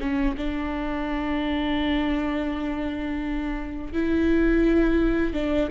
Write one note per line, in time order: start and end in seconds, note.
0.00 0.36 C#4
0.37 3.93 D4
3.93 5.34 E4
5.34 5.69 D4